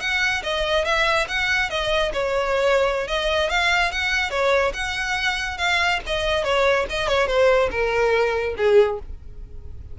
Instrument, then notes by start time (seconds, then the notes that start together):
violin
0.00 F#5
0.43 D#5
0.85 E5
1.28 F#5
1.70 D#5
2.13 C#5
3.08 D#5
3.49 F5
3.92 F#5
4.30 C#5
4.74 F#5
5.58 F5
6.06 D#5
6.44 C#5
6.90 D#5
7.08 C#5
7.27 C5
7.71 A#4
8.57 G#4